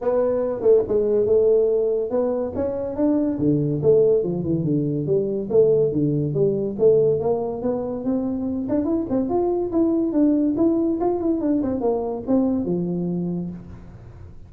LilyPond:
\new Staff \with { instrumentName = "tuba" } { \time 4/4 \tempo 4 = 142 b4. a8 gis4 a4~ | a4 b4 cis'4 d'4 | d4 a4 f8 e8 d4 | g4 a4 d4 g4 |
a4 ais4 b4 c'4~ | c'8 d'8 e'8 c'8 f'4 e'4 | d'4 e'4 f'8 e'8 d'8 c'8 | ais4 c'4 f2 | }